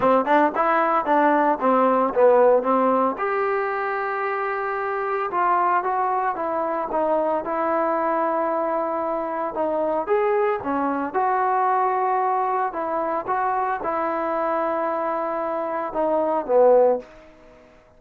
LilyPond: \new Staff \with { instrumentName = "trombone" } { \time 4/4 \tempo 4 = 113 c'8 d'8 e'4 d'4 c'4 | b4 c'4 g'2~ | g'2 f'4 fis'4 | e'4 dis'4 e'2~ |
e'2 dis'4 gis'4 | cis'4 fis'2. | e'4 fis'4 e'2~ | e'2 dis'4 b4 | }